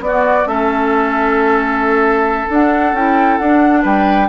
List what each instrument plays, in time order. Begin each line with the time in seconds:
0.00 bassoon B3, clarinet B3, oboe F#4, flute D5
0.46 bassoon A3, clarinet C#4, oboe A4, flute E5
2.49 bassoon D4, clarinet D4, flute F#5
2.93 bassoon C#4, clarinet E4, flute G5
3.38 bassoon D4, clarinet D4, flute F#5
3.82 bassoon G3, oboe B4, flute G5